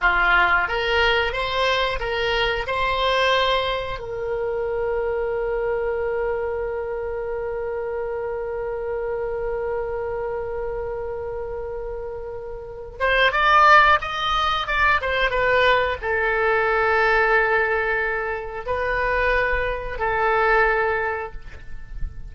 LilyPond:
\new Staff \with { instrumentName = "oboe" } { \time 4/4 \tempo 4 = 90 f'4 ais'4 c''4 ais'4 | c''2 ais'2~ | ais'1~ | ais'1~ |
ais'2.~ ais'8 c''8 | d''4 dis''4 d''8 c''8 b'4 | a'1 | b'2 a'2 | }